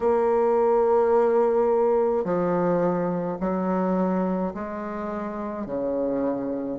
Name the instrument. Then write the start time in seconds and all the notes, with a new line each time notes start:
bassoon
0.00 A#3
2.24 F3
3.40 F#3
4.54 G#3
5.66 C#3